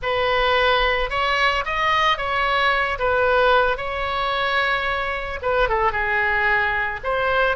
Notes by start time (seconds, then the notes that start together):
0.02 B4
1.10 C#5
1.65 D#5
2.17 C#5
2.99 B4
3.77 C#5
5.42 B4
5.69 A4
5.92 G#4
7.03 C5